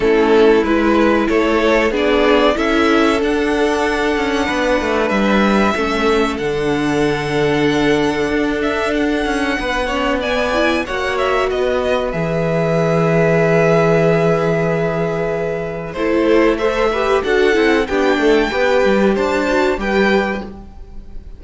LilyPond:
<<
  \new Staff \with { instrumentName = "violin" } { \time 4/4 \tempo 4 = 94 a'4 b'4 cis''4 d''4 | e''4 fis''2. | e''2 fis''2~ | fis''4. e''8 fis''2 |
gis''4 fis''8 e''8 dis''4 e''4~ | e''1~ | e''4 c''4 e''4 fis''4 | g''2 a''4 g''4 | }
  \new Staff \with { instrumentName = "violin" } { \time 4/4 e'2 a'4 gis'4 | a'2. b'4~ | b'4 a'2.~ | a'2. b'8 cis''8 |
d''4 cis''4 b'2~ | b'1~ | b'4 a'4 c''8 b'8 a'4 | g'8 a'8 b'4 c''4 b'4 | }
  \new Staff \with { instrumentName = "viola" } { \time 4/4 cis'4 e'2 d'4 | e'4 d'2.~ | d'4 cis'4 d'2~ | d'2.~ d'8 cis'8 |
b8 e'8 fis'2 gis'4~ | gis'1~ | gis'4 e'4 a'8 g'8 fis'8 e'8 | d'4 g'4. fis'8 g'4 | }
  \new Staff \with { instrumentName = "cello" } { \time 4/4 a4 gis4 a4 b4 | cis'4 d'4. cis'8 b8 a8 | g4 a4 d2~ | d4 d'4. cis'8 b4~ |
b4 ais4 b4 e4~ | e1~ | e4 a2 d'8 c'8 | b8 a8 b8 g8 d'4 g4 | }
>>